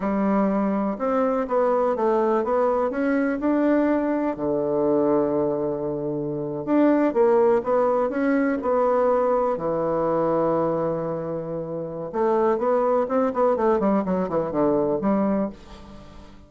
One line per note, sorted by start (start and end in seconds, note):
0.00 0.97 G3
0.98 1.46 C4
1.47 1.96 B3
1.96 2.44 A3
2.44 2.90 B3
2.90 3.38 C#4
3.40 4.36 D4
4.36 6.65 D3
6.65 7.13 D4
7.13 7.61 A#3
7.63 8.09 B3
8.09 8.58 C#4
8.62 9.57 B3
9.57 12.11 E3
12.12 12.58 A3
12.58 13.06 B3
13.08 13.32 C4
13.33 13.56 B3
13.56 13.79 A3
13.79 14.03 G3
14.05 14.29 F#3
14.29 14.51 E3
14.51 14.99 D3
15.01 15.49 G3